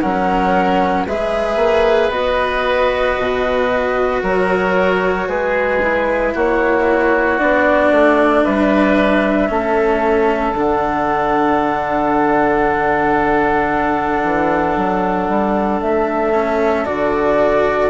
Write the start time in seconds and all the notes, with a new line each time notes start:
0.00 F#3 C#4 A#4 F#5
1.07 G#3 G#4 B4 E5
1.56 A#3
2.09 B3 F#4 D#5
3.18 B2
4.22 F#3 A#4 C#5
5.28 G#3 G#4 B4
5.82 E4
6.34 A#3 F#4 C#5
7.38 B3 D4 D5
7.91 A3
8.44 G3 B4 E5
9.49 A3 C#4 A4
10.53 D3 D4 F#5
14.23 E3
14.76 F#3
15.29 G3
15.81 A3 E5
16.33 C#4
16.85 D3 F#4 D5